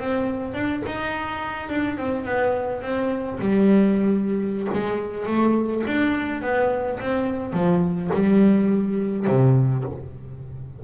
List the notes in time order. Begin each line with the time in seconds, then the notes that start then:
0.00 C4
0.54 D4
0.86 D#4
1.70 D4
1.98 C4
2.25 B3
2.82 C4
3.40 G3
4.74 G#3
5.27 A3
5.87 D4
6.42 B3
7.01 C4
7.53 F3
8.14 G3
9.27 C3